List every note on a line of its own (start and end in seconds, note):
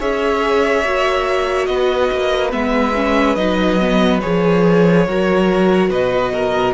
0.00 0.85 C#4
0.00 0.85 G#4
0.00 1.69 C#5
0.00 1.66 E5
0.85 1.68 A#3
0.85 2.51 F#4
1.66 2.11 B3
1.66 5.07 B4
1.66 2.51 D#5
2.12 2.53 A#3
2.51 3.36 G#3
2.51 2.93 B3
2.51 3.36 E5
2.95 3.37 C#4
3.36 4.21 F#3
3.36 3.80 D#4
3.36 4.20 D#5
3.81 4.22 B3
4.21 5.07 F3
4.21 5.07 G#4
4.21 5.90 C#5
5.07 5.90 F#3
5.07 6.74 F#4
5.07 5.90 A#4
5.90 6.74 B2
5.90 6.33 B4
5.90 6.74 D#5
6.33 6.74 A#4